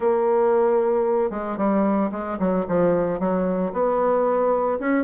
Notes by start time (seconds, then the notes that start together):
0.00 A#3
1.30 G#3
1.57 G3
2.11 G#3
2.39 F#3
2.68 F3
3.19 F#3
3.72 B3
4.79 C#4